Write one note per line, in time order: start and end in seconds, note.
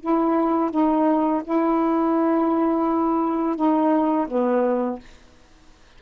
0.00 0.70 E4
0.70 1.42 D#4
1.44 3.56 E4
3.56 4.27 D#4
4.27 4.99 B3